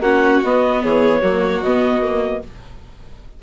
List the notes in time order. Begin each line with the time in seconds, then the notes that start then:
0.00 A#3 C#4 F#4 F#5
0.44 B3 D#5
0.83 E3 G#4 C#5
1.22 F#3 A#3 F#4
1.62 B2 B3 D#5
2.02 A#3